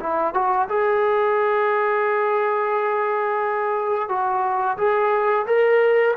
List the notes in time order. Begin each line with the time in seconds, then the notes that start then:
0.00 E4
0.34 F#4
0.69 G#4
4.09 F#4
4.78 G#4
5.47 A#4